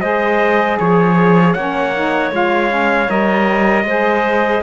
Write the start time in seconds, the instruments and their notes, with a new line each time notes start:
0.00 cello G#3, saxophone G#4, clarinet C5, trumpet D#5
0.79 cello F3, clarinet G#4, trumpet C#5
1.53 cello A#3, saxophone C#4, clarinet C#5, trumpet F#5
1.95 saxophone D#4
2.31 cello G#3, saxophone F4, trumpet F5
2.69 saxophone C#4
3.08 cello G3, saxophone A#4, trumpet D#5
3.84 cello G#3, saxophone G#4, clarinet C5